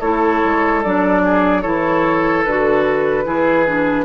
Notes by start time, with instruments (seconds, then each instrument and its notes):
0.00 bassoon A3, clarinet E4, oboe A4, flute C#5
0.44 bassoon G#3
0.83 bassoon F#3, clarinet D4, flute D5
1.24 oboe G#4
1.62 bassoon E3, clarinet E4, oboe A4, flute C#5
2.44 bassoon D3, clarinet F#4, flute B4
3.25 bassoon E3, clarinet E4, oboe G#4
3.67 clarinet D4